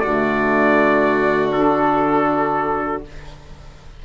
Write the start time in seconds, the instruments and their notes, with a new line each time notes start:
0.00 bassoon D3, saxophone A3, violin F#4, trumpet D5
1.52 saxophone D4, trumpet A4